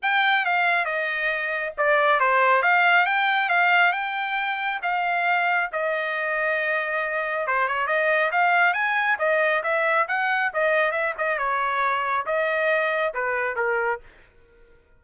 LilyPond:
\new Staff \with { instrumentName = "trumpet" } { \time 4/4 \tempo 4 = 137 g''4 f''4 dis''2 | d''4 c''4 f''4 g''4 | f''4 g''2 f''4~ | f''4 dis''2.~ |
dis''4 c''8 cis''8 dis''4 f''4 | gis''4 dis''4 e''4 fis''4 | dis''4 e''8 dis''8 cis''2 | dis''2 b'4 ais'4 | }